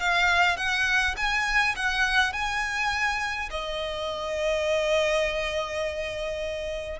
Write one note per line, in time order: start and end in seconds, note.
0.00 0.57 F5
0.57 1.15 F#5
1.17 1.75 G#5
1.76 2.33 F#5
2.33 3.49 G#5
3.50 6.99 D#5